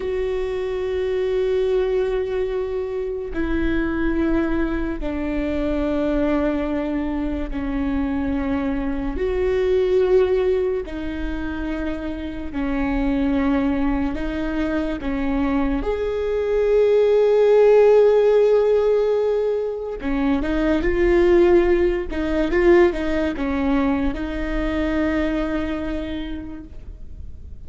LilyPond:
\new Staff \with { instrumentName = "viola" } { \time 4/4 \tempo 4 = 72 fis'1 | e'2 d'2~ | d'4 cis'2 fis'4~ | fis'4 dis'2 cis'4~ |
cis'4 dis'4 cis'4 gis'4~ | gis'1 | cis'8 dis'8 f'4. dis'8 f'8 dis'8 | cis'4 dis'2. | }